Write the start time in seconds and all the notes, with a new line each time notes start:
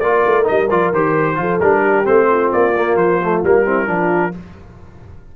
0.00 A#3 F4 A#4 D5
0.26 A3
0.44 D#4 D#5
0.50 G3
0.70 F3 F4 D5
0.92 D#3 G4 C5
1.36 F3 F4 A4
1.60 G3 D4 A#4
1.81 G4
2.05 A3 C4 C5
2.30 F4
2.52 A#3 D5
2.76 A#3
2.95 F3 C5
3.23 A3
3.43 G3 A#3 A#4
3.65 C4 E4
3.86 F3 D4 F4